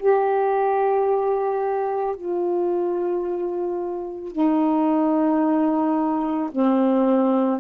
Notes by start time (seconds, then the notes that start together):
0.00 G4
2.16 F4
4.32 D#4
6.52 C4